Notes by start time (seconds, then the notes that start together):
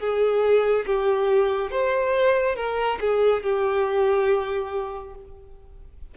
0.00 G#4
0.87 G4
1.71 C5
2.56 A#4
3.01 G#4
3.44 G4